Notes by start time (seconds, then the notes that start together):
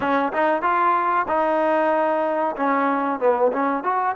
0.00 C#4
0.32 D#4
0.62 F4
1.28 D#4
2.56 C#4
3.19 B3
3.52 C#4
3.83 F#4